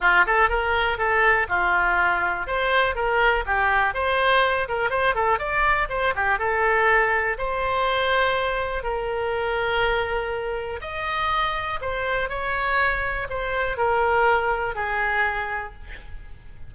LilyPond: \new Staff \with { instrumentName = "oboe" } { \time 4/4 \tempo 4 = 122 f'8 a'8 ais'4 a'4 f'4~ | f'4 c''4 ais'4 g'4 | c''4. ais'8 c''8 a'8 d''4 | c''8 g'8 a'2 c''4~ |
c''2 ais'2~ | ais'2 dis''2 | c''4 cis''2 c''4 | ais'2 gis'2 | }